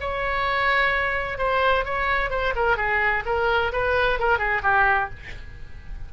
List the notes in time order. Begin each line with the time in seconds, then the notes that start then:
0.00 C#5
1.38 C5
1.84 C#5
2.30 C5
2.55 A#4
2.77 G#4
3.25 A#4
3.72 B4
4.19 A#4
4.38 G#4
4.63 G4